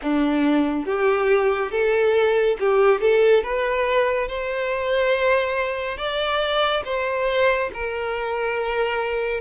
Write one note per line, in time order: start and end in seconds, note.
0.02 0.85 D4
0.85 1.71 G4
1.71 2.56 A4
2.59 3.00 G4
3.00 3.43 A4
3.43 4.27 B4
4.27 5.97 C5
5.97 6.83 D5
6.85 7.70 C5
7.73 9.40 A#4